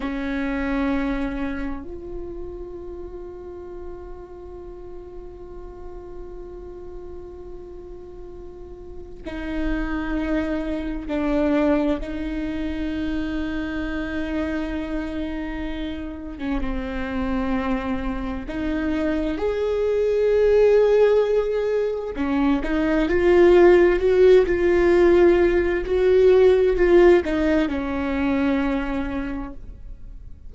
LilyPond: \new Staff \with { instrumentName = "viola" } { \time 4/4 \tempo 4 = 65 cis'2 f'2~ | f'1~ | f'2 dis'2 | d'4 dis'2.~ |
dis'4.~ dis'16 cis'16 c'2 | dis'4 gis'2. | cis'8 dis'8 f'4 fis'8 f'4. | fis'4 f'8 dis'8 cis'2 | }